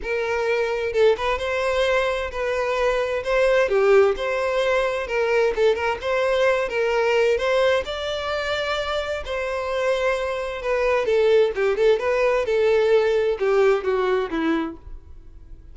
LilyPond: \new Staff \with { instrumentName = "violin" } { \time 4/4 \tempo 4 = 130 ais'2 a'8 b'8 c''4~ | c''4 b'2 c''4 | g'4 c''2 ais'4 | a'8 ais'8 c''4. ais'4. |
c''4 d''2. | c''2. b'4 | a'4 g'8 a'8 b'4 a'4~ | a'4 g'4 fis'4 e'4 | }